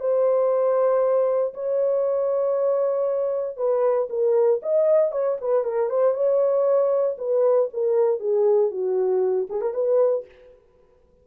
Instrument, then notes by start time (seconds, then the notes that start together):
horn
0.00 C5
1.54 C#5
3.57 B4
4.10 A#4
4.63 D#5
5.12 C#5
5.41 B4
5.64 A#4
5.90 C5
6.14 C#5
7.18 B4
7.74 A#4
8.20 G#4
8.71 F#4
9.50 G#4
9.62 A#4
9.74 B4